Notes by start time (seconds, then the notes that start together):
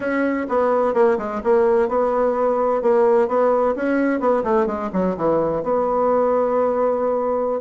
0.00 C#4
0.48 B3
0.94 A#3
1.18 G#3
1.43 A#3
1.88 B3
2.82 A#3
3.27 B3
3.75 C#4
4.20 B3
4.43 A3
4.66 G#3
4.93 F#3
5.16 E3
5.63 B3